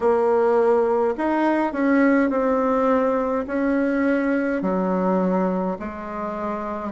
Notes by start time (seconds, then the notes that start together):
0.00 A#3
1.17 D#4
1.73 C#4
2.30 C4
3.47 C#4
4.62 F#3
5.79 G#3